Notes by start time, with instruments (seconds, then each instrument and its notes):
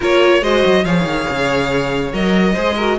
0.00 cello A#3, viola F4, violin A#4 C#5
0.42 cello G#3, viola F#4, violin C5 D#5
0.65 cello F#3
0.84 cello F3, viola G#4, violin C#5 F5
1.04 cello D#3
1.29 cello C#3
2.13 cello F#3, viola A#4, violin D#5
2.53 cello G#3, viola G#4, violin C5
2.76 viola F#4, violin A#4